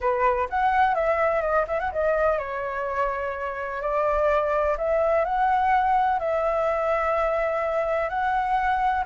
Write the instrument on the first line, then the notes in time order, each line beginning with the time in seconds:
flute
0.00 B4
0.49 F#5
0.95 E5
1.41 D#5
1.67 E5
1.79 F#5
1.92 D#5
2.38 C#5
3.81 D5
4.77 E5
5.24 F#5
6.19 E5
8.09 F#5